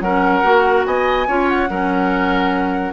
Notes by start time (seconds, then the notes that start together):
0.00 F#3 C#4 A#4 F#5
0.43 A#3 F#4
0.85 B3 D#5 G#5
1.27 C#4 F4 C#5
1.48 F#5
1.69 F#3 C#4 A#4